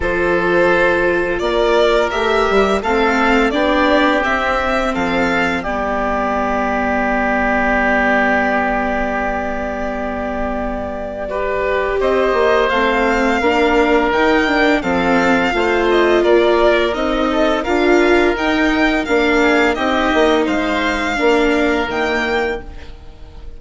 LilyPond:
<<
  \new Staff \with { instrumentName = "violin" } { \time 4/4 \tempo 4 = 85 c''2 d''4 e''4 | f''4 d''4 e''4 f''4 | d''1~ | d''1~ |
d''4 dis''4 f''2 | g''4 f''4. dis''8 d''4 | dis''4 f''4 g''4 f''4 | dis''4 f''2 g''4 | }
  \new Staff \with { instrumentName = "oboe" } { \time 4/4 a'2 ais'2 | a'4 g'2 a'4 | g'1~ | g'1 |
b'4 c''2 ais'4~ | ais'4 a'4 c''4 ais'4~ | ais'8 a'8 ais'2~ ais'8 gis'8 | g'4 c''4 ais'2 | }
  \new Staff \with { instrumentName = "viola" } { \time 4/4 f'2. g'4 | c'4 d'4 c'2 | b1~ | b1 |
g'2 c'4 d'4 | dis'8 d'8 c'4 f'2 | dis'4 f'4 dis'4 d'4 | dis'2 d'4 ais4 | }
  \new Staff \with { instrumentName = "bassoon" } { \time 4/4 f2 ais4 a8 g8 | a4 b4 c'4 f4 | g1~ | g1~ |
g4 c'8 ais8 a4 ais4 | dis4 f4 a4 ais4 | c'4 d'4 dis'4 ais4 | c'8 ais8 gis4 ais4 dis4 | }
>>